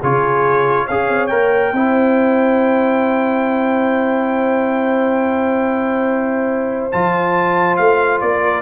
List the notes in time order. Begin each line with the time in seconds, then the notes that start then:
0.00 C#3 F4 G#4 C#5
0.86 C#4 G#4 C#5 F5
1.10 C4
1.27 A#3 A#4 G5
1.73 C4 E4 C5
6.92 F3 F4 A5
7.77 A3 F5
8.21 A#3 D5
8.44 A#4